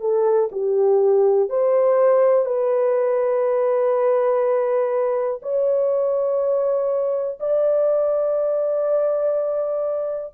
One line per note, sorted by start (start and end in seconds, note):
0.00 0.49 A4
0.51 1.49 G4
1.49 2.45 C5
2.45 5.40 B4
5.42 7.39 C#5
7.40 10.34 D5